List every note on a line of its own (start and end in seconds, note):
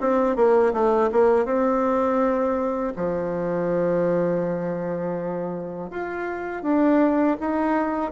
0.00 0.36 C4
0.36 0.73 A#3
0.73 1.10 A3
1.12 1.45 A#3
1.45 2.93 C4
2.96 5.90 F3
5.90 6.63 F4
6.63 7.37 D4
7.39 8.11 D#4